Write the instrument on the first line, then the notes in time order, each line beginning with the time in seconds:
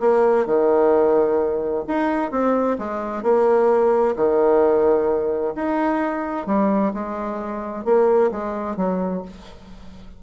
bassoon
0.00 A#3
0.46 D#3
1.88 D#4
2.31 C4
2.78 G#3
3.23 A#3
4.16 D#3
5.55 D#4
6.46 G3
6.94 G#3
7.85 A#3
8.31 G#3
8.76 F#3